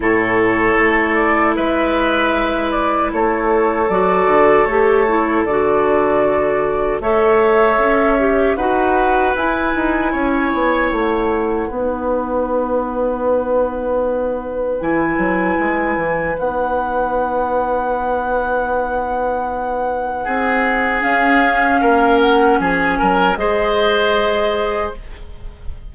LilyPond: <<
  \new Staff \with { instrumentName = "flute" } { \time 4/4 \tempo 4 = 77 cis''4. d''8 e''4. d''8 | cis''4 d''4 cis''4 d''4~ | d''4 e''2 fis''4 | gis''2 fis''2~ |
fis''2. gis''4~ | gis''4 fis''2.~ | fis''2. f''4~ | f''8 fis''8 gis''4 dis''2 | }
  \new Staff \with { instrumentName = "oboe" } { \time 4/4 a'2 b'2 | a'1~ | a'4 cis''2 b'4~ | b'4 cis''2 b'4~ |
b'1~ | b'1~ | b'2 gis'2 | ais'4 gis'8 ais'8 c''2 | }
  \new Staff \with { instrumentName = "clarinet" } { \time 4/4 e'1~ | e'4 fis'4 g'8 e'8 fis'4~ | fis'4 a'4. g'8 fis'4 | e'2. dis'4~ |
dis'2. e'4~ | e'4 dis'2.~ | dis'2. cis'4~ | cis'2 gis'2 | }
  \new Staff \with { instrumentName = "bassoon" } { \time 4/4 a,4 a4 gis2 | a4 fis8 d8 a4 d4~ | d4 a4 cis'4 dis'4 | e'8 dis'8 cis'8 b8 a4 b4~ |
b2. e8 fis8 | gis8 e8 b2.~ | b2 c'4 cis'4 | ais4 f8 fis8 gis2 | }
>>